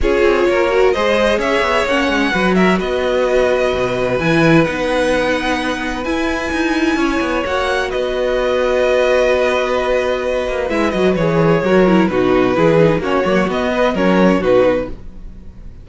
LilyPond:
<<
  \new Staff \with { instrumentName = "violin" } { \time 4/4 \tempo 4 = 129 cis''2 dis''4 e''4 | fis''4. e''8 dis''2~ | dis''4 gis''4 fis''2~ | fis''4 gis''2. |
fis''4 dis''2.~ | dis''2. e''8 dis''8 | cis''2 b'2 | cis''4 dis''4 cis''4 b'4 | }
  \new Staff \with { instrumentName = "violin" } { \time 4/4 gis'4 ais'4 c''4 cis''4~ | cis''4 b'8 ais'8 b'2~ | b'1~ | b'2. cis''4~ |
cis''4 b'2.~ | b'1~ | b'4 ais'4 fis'4 gis'4 | fis'4. b'8 ais'4 fis'4 | }
  \new Staff \with { instrumentName = "viola" } { \time 4/4 f'4. fis'8 gis'2 | cis'4 fis'2.~ | fis'4 e'4 dis'2~ | dis'4 e'2. |
fis'1~ | fis'2. e'8 fis'8 | gis'4 fis'8 e'8 dis'4 e'8 dis'8 | cis'8 ais8 b4 cis'4 dis'4 | }
  \new Staff \with { instrumentName = "cello" } { \time 4/4 cis'8 c'8 ais4 gis4 cis'8 b8 | ais8 gis8 fis4 b2 | b,4 e4 b2~ | b4 e'4 dis'4 cis'8 b8 |
ais4 b2.~ | b2~ b8 ais8 gis8 fis8 | e4 fis4 b,4 e4 | ais8 fis8 b4 fis4 b,4 | }
>>